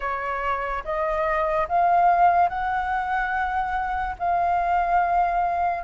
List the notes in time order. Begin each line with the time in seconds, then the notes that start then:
0.00 C#5
0.84 D#5
1.68 F5
2.48 F#5
4.19 F5